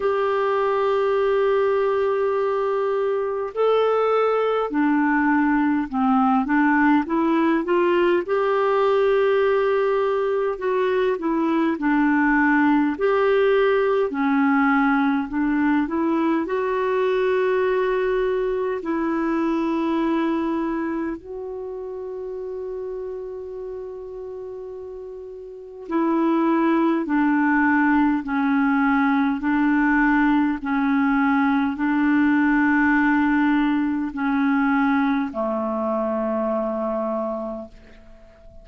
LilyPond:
\new Staff \with { instrumentName = "clarinet" } { \time 4/4 \tempo 4 = 51 g'2. a'4 | d'4 c'8 d'8 e'8 f'8 g'4~ | g'4 fis'8 e'8 d'4 g'4 | cis'4 d'8 e'8 fis'2 |
e'2 fis'2~ | fis'2 e'4 d'4 | cis'4 d'4 cis'4 d'4~ | d'4 cis'4 a2 | }